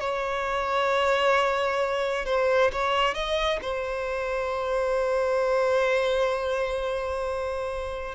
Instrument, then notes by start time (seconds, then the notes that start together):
violin
0.00 C#5
2.26 C5
2.73 C#5
3.14 D#5
3.62 C5